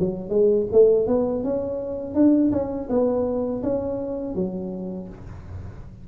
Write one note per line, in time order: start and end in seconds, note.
0.00 0.30 F#3
0.30 0.67 G#3
0.73 1.07 A3
1.07 1.44 B3
1.44 2.15 C#4
2.15 2.51 D4
2.52 2.89 C#4
2.90 3.63 B3
3.63 4.35 C#4
4.35 5.09 F#3